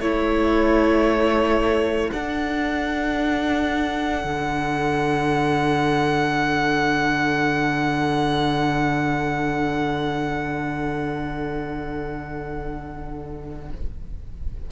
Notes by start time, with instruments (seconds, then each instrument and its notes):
0.00 cello A3, viola E4, violin A4 C#5
2.12 viola D4, cello D4, violin F#5
4.24 cello D3